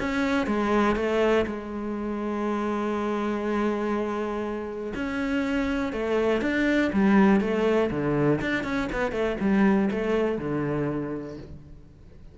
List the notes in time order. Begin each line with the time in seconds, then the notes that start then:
0.00 C#4
0.46 G#3
0.96 A3
1.47 G#3
4.95 C#4
5.93 A3
6.42 D4
6.93 G3
7.40 A3
7.91 D3
8.41 D4
8.64 C#4
8.92 B3
9.12 A3
9.40 G3
9.91 A3
10.38 D3